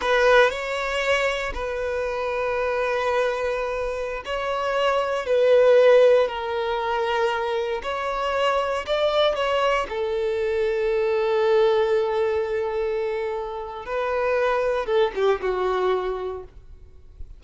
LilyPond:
\new Staff \with { instrumentName = "violin" } { \time 4/4 \tempo 4 = 117 b'4 cis''2 b'4~ | b'1~ | b'16 cis''2 b'4.~ b'16~ | b'16 ais'2. cis''8.~ |
cis''4~ cis''16 d''4 cis''4 a'8.~ | a'1~ | a'2. b'4~ | b'4 a'8 g'8 fis'2 | }